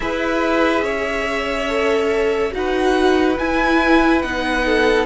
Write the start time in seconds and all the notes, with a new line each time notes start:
0.00 E4 G#4 B4 E5
0.82 C#4 C#5
1.68 A4
2.51 D#4 F#4 F#5
2.57 B4
3.38 E4 G#5
4.21 B3 D#4 F#5
4.65 A4